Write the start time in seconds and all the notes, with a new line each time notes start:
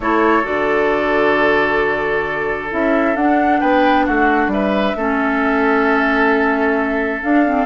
0.00 A3 E4 A4 C#5
0.43 D3 F#4 D5
2.70 C#4 E4 E5
3.15 D4 F#5
3.60 B3 B4 G5
4.05 A3 F#4 F#5
4.47 G3 E5
4.53 B4
4.96 A3 C#4 A4
7.22 D4 F5
7.45 C4